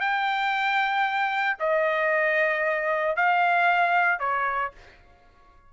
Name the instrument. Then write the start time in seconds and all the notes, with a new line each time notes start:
trumpet
0.00 G5
1.59 D#5
3.16 F5
4.19 C#5